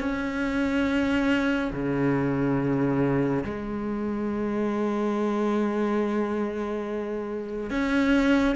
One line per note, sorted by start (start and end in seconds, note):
0.00 1.71 C#4
1.73 3.44 C#3
3.45 7.71 G#3
7.71 8.56 C#4